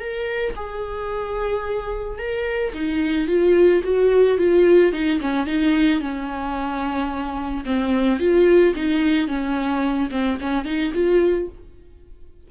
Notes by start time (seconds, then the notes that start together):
0.00 A#4
0.56 G#4
2.19 A#4
2.74 D#4
3.28 F4
3.84 F#4
4.38 F4
4.93 D#4
5.21 C#4
5.47 D#4
6.01 C#4
7.66 C4
8.20 F4
8.76 D#4
9.28 C#4
10.11 C4
10.41 C#4
10.65 D#4
10.94 F4